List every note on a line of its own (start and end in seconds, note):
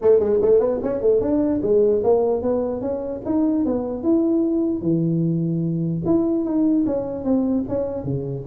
0.01 0.19 A3
0.19 0.39 G#3
0.41 0.60 A3
0.60 0.80 B3
0.82 1.01 C#4
1.01 1.20 A3
1.20 1.61 D4
1.62 2.02 G#3
2.03 2.41 A#3
2.41 2.81 B3
2.81 3.21 C#4
3.25 3.65 D#4
3.65 4.03 B3
4.03 4.81 E4
4.81 6.02 E3
6.05 6.44 E4
6.44 6.85 D#4
6.86 7.24 C#4
7.24 7.64 C4
7.68 8.04 C#4
8.04 8.44 C#3